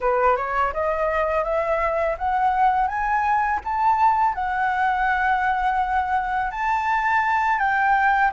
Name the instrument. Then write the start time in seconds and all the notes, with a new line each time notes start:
flute
0.00 B4
0.36 C#5
0.73 D#5
1.44 E5
2.18 F#5
2.87 G#5
3.64 A5
4.34 F#5
6.51 A5
7.58 G5